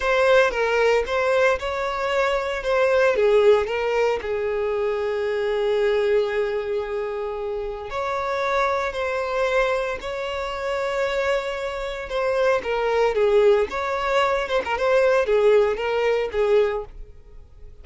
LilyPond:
\new Staff \with { instrumentName = "violin" } { \time 4/4 \tempo 4 = 114 c''4 ais'4 c''4 cis''4~ | cis''4 c''4 gis'4 ais'4 | gis'1~ | gis'2. cis''4~ |
cis''4 c''2 cis''4~ | cis''2. c''4 | ais'4 gis'4 cis''4. c''16 ais'16 | c''4 gis'4 ais'4 gis'4 | }